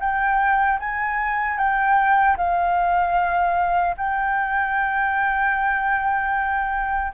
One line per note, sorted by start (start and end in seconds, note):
0.00 0.79 G5
0.80 1.58 G#5
1.58 2.36 G5
2.37 3.95 F5
3.97 7.13 G5